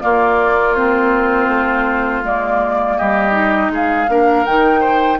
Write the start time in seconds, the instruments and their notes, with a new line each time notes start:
0.00 clarinet A#3, bassoon A#3, oboe F4, flute D5
0.75 clarinet C4, flute C5
1.48 bassoon A3
2.23 bassoon G#3, clarinet A#3, flute D5
2.97 bassoon G3, oboe G4, flute D#5
3.31 clarinet D#4
3.69 bassoon G#3, oboe G#4, flute F5
4.08 bassoon A#3, clarinet D4, oboe A#4
4.45 bassoon D#3, clarinet D#4, flute G5
4.80 oboe C5